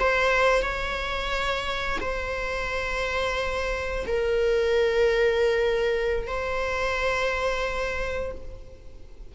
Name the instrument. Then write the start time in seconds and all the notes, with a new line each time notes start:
viola
0.00 C5
0.63 C#5
2.01 C5
4.07 A#4
6.28 C5